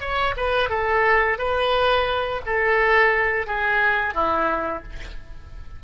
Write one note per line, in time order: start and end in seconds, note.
0.00 0.34 C#5
0.37 0.70 B4
0.70 1.38 A4
1.38 2.41 B4
2.46 3.47 A4
3.47 4.14 G#4
4.14 4.83 E4